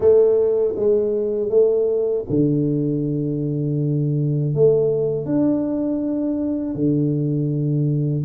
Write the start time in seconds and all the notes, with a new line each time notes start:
0.00 A3
0.76 G#3
1.49 A3
2.29 D3
4.54 A3
5.25 D4
6.74 D3